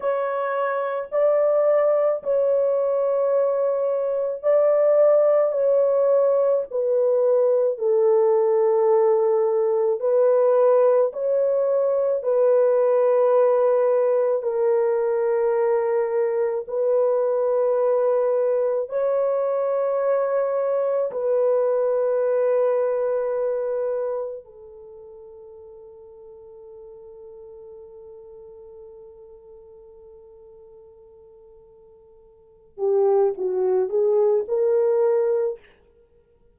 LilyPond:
\new Staff \with { instrumentName = "horn" } { \time 4/4 \tempo 4 = 54 cis''4 d''4 cis''2 | d''4 cis''4 b'4 a'4~ | a'4 b'4 cis''4 b'4~ | b'4 ais'2 b'4~ |
b'4 cis''2 b'4~ | b'2 a'2~ | a'1~ | a'4. g'8 fis'8 gis'8 ais'4 | }